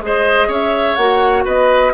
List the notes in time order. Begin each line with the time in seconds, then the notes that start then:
0.00 G#3 G#4 C5 D#5
0.48 C#4 C#5 E5
0.96 A#3 F#4 F#5
1.45 B3 B4 D#5